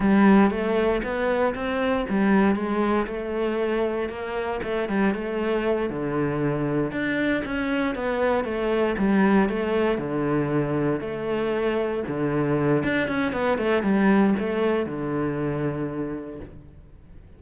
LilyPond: \new Staff \with { instrumentName = "cello" } { \time 4/4 \tempo 4 = 117 g4 a4 b4 c'4 | g4 gis4 a2 | ais4 a8 g8 a4. d8~ | d4. d'4 cis'4 b8~ |
b8 a4 g4 a4 d8~ | d4. a2 d8~ | d4 d'8 cis'8 b8 a8 g4 | a4 d2. | }